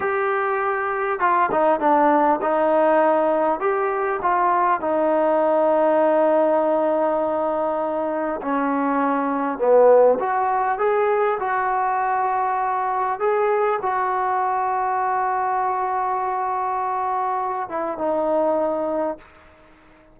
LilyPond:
\new Staff \with { instrumentName = "trombone" } { \time 4/4 \tempo 4 = 100 g'2 f'8 dis'8 d'4 | dis'2 g'4 f'4 | dis'1~ | dis'2 cis'2 |
b4 fis'4 gis'4 fis'4~ | fis'2 gis'4 fis'4~ | fis'1~ | fis'4. e'8 dis'2 | }